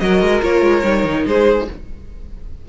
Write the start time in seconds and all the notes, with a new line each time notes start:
0.00 F#3 F#4 A#4 D#5
0.22 G#3
0.42 A#3 F4 C#5
0.62 G#3
0.84 G3 D#4
1.04 D#3
1.26 G#3 G#4 C5